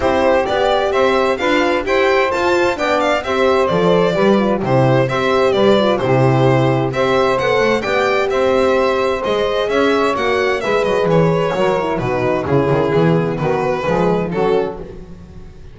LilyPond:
<<
  \new Staff \with { instrumentName = "violin" } { \time 4/4 \tempo 4 = 130 c''4 d''4 e''4 f''4 | g''4 a''4 g''8 f''8 e''4 | d''2 c''4 e''4 | d''4 c''2 e''4 |
fis''4 g''4 e''2 | dis''4 e''4 fis''4 e''8 dis''8 | cis''2 b'4 gis'4~ | gis'4 b'2 a'4 | }
  \new Staff \with { instrumentName = "saxophone" } { \time 4/4 g'2 c''4 b'4 | c''2 d''4 c''4~ | c''4 b'4 g'4 c''4 | b'4 g'2 c''4~ |
c''4 d''4 c''2~ | c''4 cis''2 b'4~ | b'4 ais'4 fis'4 e'4~ | e'4 fis'4 gis'4 fis'4 | }
  \new Staff \with { instrumentName = "horn" } { \time 4/4 e'4 g'2 f'4 | g'4 f'4 d'4 g'4 | a'4 g'8 f'8 e'4 g'4~ | g'8 f'8 e'2 g'4 |
a'4 g'2. | gis'2 fis'4 gis'4~ | gis'4 fis'8 e'8 dis'4 cis'4 | b2 gis4 cis'4 | }
  \new Staff \with { instrumentName = "double bass" } { \time 4/4 c'4 b4 c'4 d'4 | e'4 f'4 b4 c'4 | f4 g4 c4 c'4 | g4 c2 c'4 |
b8 a8 b4 c'2 | gis4 cis'4 ais4 gis8 fis8 | e4 fis4 b,4 cis8 dis8 | e4 dis4 f4 fis4 | }
>>